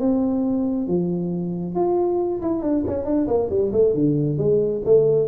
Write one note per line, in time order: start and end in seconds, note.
0.00 0.88 C4
0.88 1.75 F3
1.75 2.42 F4
2.42 2.63 E4
2.63 2.85 D4
2.87 3.05 C#4
3.05 3.27 D4
3.28 3.50 A#3
3.50 3.72 G3
3.73 3.95 A3
3.95 4.38 D3
4.38 4.82 G#3
4.85 5.29 A3